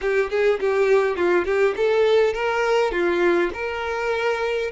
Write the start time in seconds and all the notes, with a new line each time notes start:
0.01 G4
0.30 G#4
0.59 G4
1.16 F4
1.45 G4
1.76 A4
2.33 A#4
2.91 F4
3.53 A#4